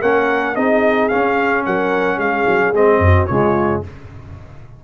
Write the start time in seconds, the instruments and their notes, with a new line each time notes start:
0.00 tuba A#3, trombone C#4, horn A#4, trumpet F#5
0.55 tuba C4, trombone D#4, horn G#4, trumpet D#5
1.08 trombone C#4, tuba C#4, trumpet F5
1.65 tuba F#3, horn A#4, trumpet F#5
2.16 tuba G#3, horn G#4, trumpet F5
2.46 tuba F#3
2.73 tuba G#3, trombone C4, trumpet D#5
2.98 tuba F#2, horn F#4
3.26 tuba C#3, trombone G#3, horn F4, trumpet C#5